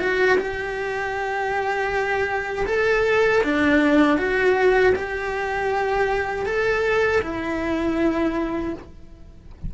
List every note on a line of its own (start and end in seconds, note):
0.00 0.38 F#4
0.38 2.66 G4
2.66 3.42 A4
3.43 4.18 D4
4.18 4.94 F#4
4.95 6.46 G4
6.46 7.22 A4
7.22 8.74 E4